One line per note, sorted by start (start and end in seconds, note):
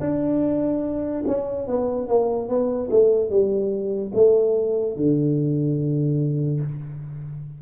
0.00 1.23 D4
1.27 1.67 C#4
1.67 2.08 B3
2.08 2.48 A#3
2.48 2.90 B3
2.91 3.30 A3
3.30 4.12 G3
4.14 4.96 A3
4.96 6.61 D3